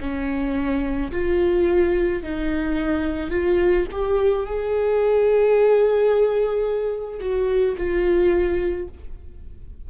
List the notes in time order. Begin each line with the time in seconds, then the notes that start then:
0.00 C#4
1.12 F4
2.23 D#4
3.30 F4
3.91 G4
4.46 G#4
7.20 F#4
7.77 F4